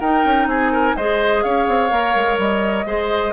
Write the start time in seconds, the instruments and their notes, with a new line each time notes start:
0.00 bassoon D#4, clarinet D#4, oboe A#4, flute G5
0.25 bassoon C#4
0.47 bassoon C4, oboe G#4, flute G#5
0.72 oboe A#4
0.97 bassoon G#3, clarinet G#4, oboe C5, flute D#5
1.43 bassoon C#4, oboe C#5, flute F5
1.68 bassoon C4
1.90 bassoon A#3, clarinet A#4
2.16 bassoon G#3
2.38 bassoon G3, flute D#5
2.85 bassoon G#3, clarinet G#4, oboe C5